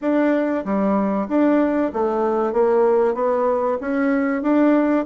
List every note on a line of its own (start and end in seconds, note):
0.01 0.64 D4
0.64 1.27 G3
1.28 1.91 D4
1.93 2.53 A3
2.53 3.14 A#3
3.14 3.77 B3
3.80 4.42 C#4
4.42 5.05 D4